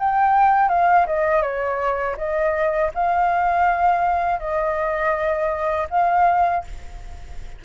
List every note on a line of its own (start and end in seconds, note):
0.00 0.69 G5
0.69 1.06 F5
1.07 1.42 D#5
1.42 2.16 C#5
2.18 2.92 D#5
2.95 4.40 F5
4.40 5.88 D#5
5.91 6.65 F5